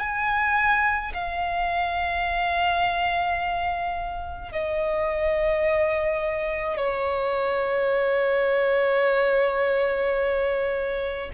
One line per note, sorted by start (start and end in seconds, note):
0.00 1.13 G#5
1.14 4.52 F5
4.52 6.77 D#5
6.77 11.30 C#5